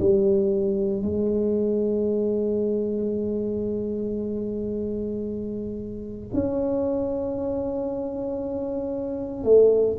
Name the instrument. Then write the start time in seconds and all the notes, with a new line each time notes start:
tuba
0.00 G3
1.02 G#3
6.33 C#4
9.44 A3